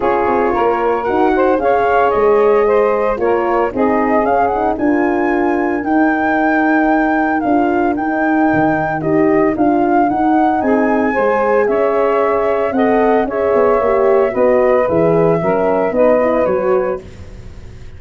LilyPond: <<
  \new Staff \with { instrumentName = "flute" } { \time 4/4 \tempo 4 = 113 cis''2 fis''4 f''4 | dis''2 cis''4 dis''4 | f''8 fis''8 gis''2 g''4~ | g''2 f''4 g''4~ |
g''4 dis''4 f''4 fis''4 | gis''2 e''2 | fis''4 e''2 dis''4 | e''2 dis''4 cis''4 | }
  \new Staff \with { instrumentName = "saxophone" } { \time 4/4 gis'4 ais'4. c''8 cis''4~ | cis''4 c''4 ais'4 gis'4~ | gis'4 ais'2.~ | ais'1~ |
ais'1 | gis'4 c''4 cis''2 | dis''4 cis''2 b'4~ | b'4 ais'4 b'2 | }
  \new Staff \with { instrumentName = "horn" } { \time 4/4 f'2 fis'4 gis'4~ | gis'2 f'4 dis'4 | cis'8 dis'8 f'2 dis'4~ | dis'2 f'4 dis'4~ |
dis'4 g'4 f'4 dis'4~ | dis'4 gis'2. | a'4 gis'4 g'4 fis'4 | gis'4 cis'4 dis'8 e'8 fis'4 | }
  \new Staff \with { instrumentName = "tuba" } { \time 4/4 cis'8 c'8 ais4 dis'4 cis'4 | gis2 ais4 c'4 | cis'4 d'2 dis'4~ | dis'2 d'4 dis'4 |
dis4 dis'4 d'4 dis'4 | c'4 gis4 cis'2 | c'4 cis'8 b8 ais4 b4 | e4 fis4 b4 fis4 | }
>>